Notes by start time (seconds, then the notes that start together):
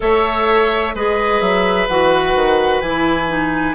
0.00 A3 A4 C#5 E5
0.94 G#3 G#4 B4 D#5
1.40 F#3 E5
1.88 E3 F#4 F#5
2.34 D#3
2.81 E3 E4 G#5
3.27 D#4